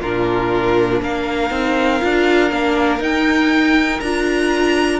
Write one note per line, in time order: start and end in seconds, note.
0.00 1.00 A#2
0.00 1.50 D4
0.00 1.00 F4
0.00 1.01 A#4
1.00 1.50 A#3
1.00 4.99 A#4
1.00 3.02 F5
1.50 2.00 C4
1.50 2.00 D#4
2.00 2.51 D4
2.00 2.50 F4
2.51 2.99 A#3
2.51 3.00 D4
2.99 3.99 D#4
2.99 4.00 D#4
2.99 4.00 G5
4.00 4.99 D4
4.00 4.99 F4
4.00 4.99 A#5